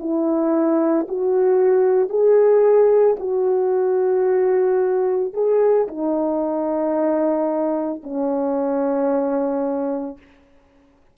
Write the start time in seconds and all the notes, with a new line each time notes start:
0.00 E4
1.09 F#4
2.10 G#4
3.20 F#4
5.34 G#4
5.88 D#4
8.04 C#4